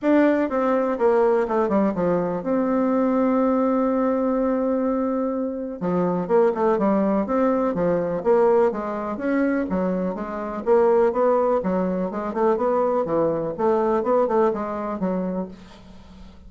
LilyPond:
\new Staff \with { instrumentName = "bassoon" } { \time 4/4 \tempo 4 = 124 d'4 c'4 ais4 a8 g8 | f4 c'2.~ | c'1 | f4 ais8 a8 g4 c'4 |
f4 ais4 gis4 cis'4 | fis4 gis4 ais4 b4 | fis4 gis8 a8 b4 e4 | a4 b8 a8 gis4 fis4 | }